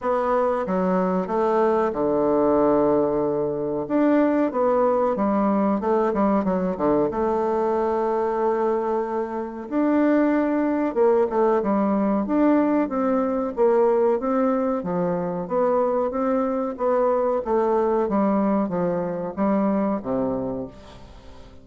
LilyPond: \new Staff \with { instrumentName = "bassoon" } { \time 4/4 \tempo 4 = 93 b4 fis4 a4 d4~ | d2 d'4 b4 | g4 a8 g8 fis8 d8 a4~ | a2. d'4~ |
d'4 ais8 a8 g4 d'4 | c'4 ais4 c'4 f4 | b4 c'4 b4 a4 | g4 f4 g4 c4 | }